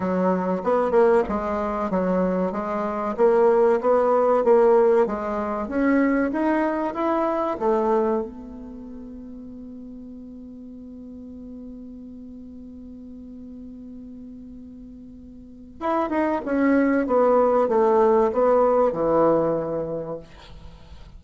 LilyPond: \new Staff \with { instrumentName = "bassoon" } { \time 4/4 \tempo 4 = 95 fis4 b8 ais8 gis4 fis4 | gis4 ais4 b4 ais4 | gis4 cis'4 dis'4 e'4 | a4 b2.~ |
b1~ | b1~ | b4 e'8 dis'8 cis'4 b4 | a4 b4 e2 | }